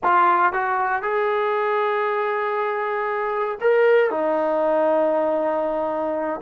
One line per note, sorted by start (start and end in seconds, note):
0.03 0.52 F4
0.52 1.02 F#4
1.02 3.58 G#4
3.60 4.10 A#4
4.10 6.41 D#4